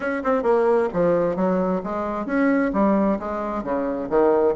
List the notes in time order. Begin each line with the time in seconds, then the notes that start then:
0.00 C#4
0.23 C4
0.42 A#3
0.93 F3
1.36 F#3
1.83 G#3
2.26 C#4
2.73 G3
3.19 G#3
3.63 C#3
4.09 D#3